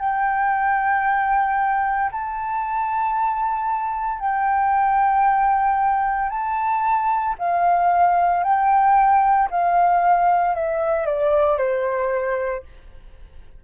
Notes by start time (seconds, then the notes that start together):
0.00 G5
2.12 A5
4.20 G5
6.30 A5
7.39 F5
8.44 G5
9.51 F5
10.56 E5
11.06 D5
11.58 C5